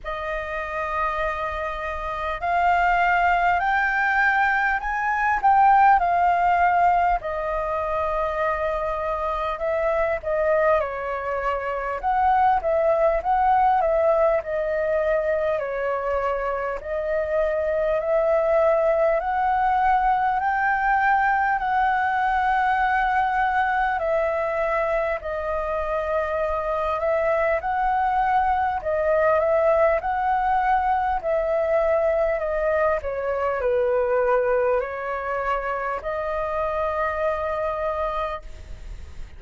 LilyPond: \new Staff \with { instrumentName = "flute" } { \time 4/4 \tempo 4 = 50 dis''2 f''4 g''4 | gis''8 g''8 f''4 dis''2 | e''8 dis''8 cis''4 fis''8 e''8 fis''8 e''8 | dis''4 cis''4 dis''4 e''4 |
fis''4 g''4 fis''2 | e''4 dis''4. e''8 fis''4 | dis''8 e''8 fis''4 e''4 dis''8 cis''8 | b'4 cis''4 dis''2 | }